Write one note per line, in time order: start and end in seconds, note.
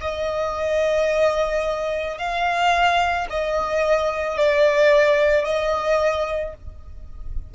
0.00 2.18 D#5
2.18 3.27 F5
3.29 4.37 D#5
4.37 5.44 D5
5.44 6.54 D#5